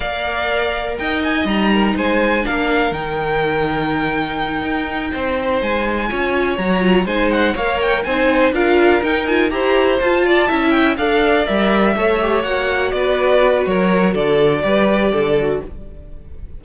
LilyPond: <<
  \new Staff \with { instrumentName = "violin" } { \time 4/4 \tempo 4 = 123 f''2 g''8 gis''8 ais''4 | gis''4 f''4 g''2~ | g''2.~ g''8 gis''8~ | gis''4. ais''4 gis''8 fis''8 f''8 |
g''8 gis''4 f''4 g''8 gis''8 ais''8~ | ais''8 a''4. g''8 f''4 e''8~ | e''4. fis''4 d''4. | cis''4 d''2. | }
  \new Staff \with { instrumentName = "violin" } { \time 4/4 d''2 dis''4. ais'8 | c''4 ais'2.~ | ais'2~ ais'8 c''4.~ | c''8 cis''2 c''4 cis''8~ |
cis''8 c''4 ais'2 c''8~ | c''4 d''8 e''4 d''4.~ | d''8 cis''2 b'4. | ais'4 a'4 b'4 a'4 | }
  \new Staff \with { instrumentName = "viola" } { \time 4/4 ais'2. dis'4~ | dis'4 d'4 dis'2~ | dis'1~ | dis'8 f'4 fis'8 f'8 dis'4 ais'8~ |
ais'8 dis'4 f'4 dis'8 f'8 g'8~ | g'8 f'4 e'4 a'4 ais'8~ | ais'8 a'8 g'8 fis'2~ fis'8~ | fis'2 g'4. fis'8 | }
  \new Staff \with { instrumentName = "cello" } { \time 4/4 ais2 dis'4 g4 | gis4 ais4 dis2~ | dis4. dis'4 c'4 gis8~ | gis8 cis'4 fis4 gis4 ais8~ |
ais8 c'4 d'4 dis'4 e'8~ | e'8 f'4 cis'4 d'4 g8~ | g8 a4 ais4 b4. | fis4 d4 g4 d4 | }
>>